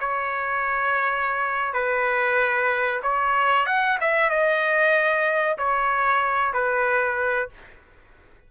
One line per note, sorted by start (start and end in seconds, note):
0.00 1.73 C#5
1.73 3.01 B4
3.03 3.66 C#5
3.66 3.98 F#5
4.00 4.30 E5
4.30 5.57 D#5
5.58 6.53 C#5
6.53 7.49 B4